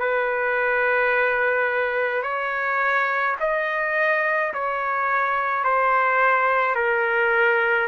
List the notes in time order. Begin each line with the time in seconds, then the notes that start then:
0.00 B4
2.23 C#5
3.40 D#5
4.54 C#5
5.64 C5
6.76 A#4